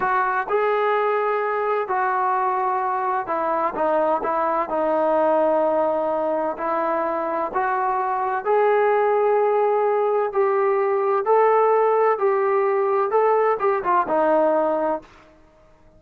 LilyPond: \new Staff \with { instrumentName = "trombone" } { \time 4/4 \tempo 4 = 128 fis'4 gis'2. | fis'2. e'4 | dis'4 e'4 dis'2~ | dis'2 e'2 |
fis'2 gis'2~ | gis'2 g'2 | a'2 g'2 | a'4 g'8 f'8 dis'2 | }